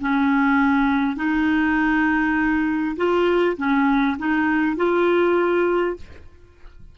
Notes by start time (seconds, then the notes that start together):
0.00 C#4
1.16 D#4
2.96 F4
3.57 C#4
4.18 D#4
4.77 F4